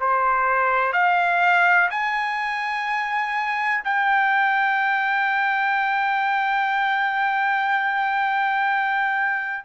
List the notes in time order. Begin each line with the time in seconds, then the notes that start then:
0.00 C5
0.93 F5
1.90 G#5
3.84 G5